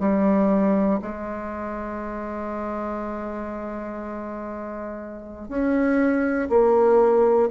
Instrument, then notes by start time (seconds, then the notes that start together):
bassoon
0.00 G3
1.02 G#3
5.49 C#4
6.50 A#3